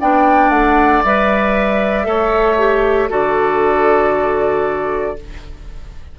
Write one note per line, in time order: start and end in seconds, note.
0.00 0.50 B3
0.00 1.04 D4
0.00 2.07 D5
0.00 0.50 G5
0.50 1.01 A3
0.50 1.02 F#5
1.04 2.06 G3
1.04 2.04 B4
1.04 3.11 E5
2.04 3.09 A3
2.04 2.56 A4
2.04 3.09 C#5
2.58 3.09 G4
3.09 5.17 D3
3.09 5.16 F#4
3.09 5.16 A4
3.09 5.19 D5